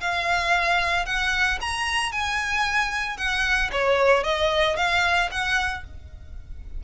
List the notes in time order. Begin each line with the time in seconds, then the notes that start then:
0.00 F5
1.05 F#5
1.60 A#5
2.12 G#5
3.17 F#5
3.71 C#5
4.23 D#5
4.76 F5
5.31 F#5